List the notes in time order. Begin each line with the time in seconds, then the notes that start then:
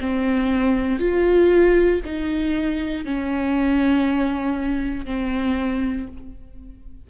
0.00 C4
0.99 F4
2.04 D#4
3.04 C#4
5.05 C4